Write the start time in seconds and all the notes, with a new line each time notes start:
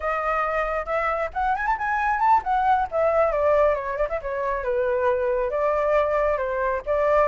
0.00 D#5
0.85 E5
1.33 F#5
1.55 G#5
1.66 A5
1.77 G#5
2.19 A5
2.43 F#5
2.91 E5
3.32 D5
3.74 C#5
3.97 D5
4.09 E5
4.21 C#5
4.63 B4
5.50 D5
6.37 C5
6.86 D5